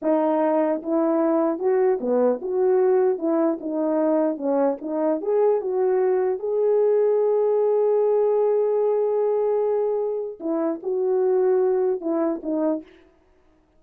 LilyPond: \new Staff \with { instrumentName = "horn" } { \time 4/4 \tempo 4 = 150 dis'2 e'2 | fis'4 b4 fis'2 | e'4 dis'2 cis'4 | dis'4 gis'4 fis'2 |
gis'1~ | gis'1~ | gis'2 e'4 fis'4~ | fis'2 e'4 dis'4 | }